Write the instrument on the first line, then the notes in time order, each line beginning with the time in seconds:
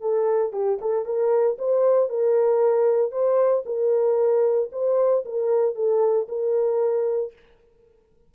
horn
0.00 A4
0.52 G4
0.81 A4
1.05 A#4
1.58 C5
2.09 A#4
3.11 C5
3.65 A#4
4.72 C5
5.25 A#4
5.75 A4
6.28 A#4